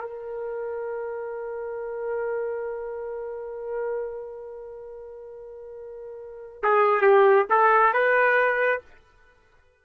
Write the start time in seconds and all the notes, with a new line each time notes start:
0.00 A#4
6.63 G#4
7.01 G4
7.49 A4
7.93 B4